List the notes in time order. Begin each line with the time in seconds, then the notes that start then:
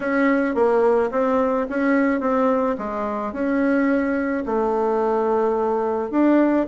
0.00 C#4
0.55 A#3
1.11 C4
1.69 C#4
2.20 C4
2.78 G#3
3.32 C#4
4.46 A3
6.11 D4